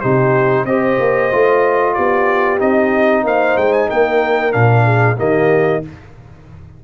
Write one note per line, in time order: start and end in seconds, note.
0.00 0.65 C3
0.00 0.67 D#4
0.00 0.65 G4
0.00 0.65 C5
0.65 0.97 C4
0.65 1.31 G4
0.65 1.94 C5
0.65 1.94 D#5
0.99 1.31 A#3
1.31 1.97 A3
1.31 2.58 F4
1.94 2.61 B3
1.94 3.23 G4
1.94 2.58 D5
2.58 3.23 C4
2.58 4.51 D#4
2.58 3.25 D#5
3.23 3.56 A#3
3.23 3.88 C5
3.23 3.57 F5
3.56 3.89 G#3
3.56 3.73 G5
3.73 3.89 G#5
3.88 4.54 A#3
3.88 4.85 A#4
3.88 4.52 G5
4.51 5.19 A#2
4.51 5.16 D4
4.51 5.17 F5
4.85 5.17 G#4
5.17 5.84 D#3
5.17 5.82 A#3
5.17 5.82 G4
5.17 5.84 D#5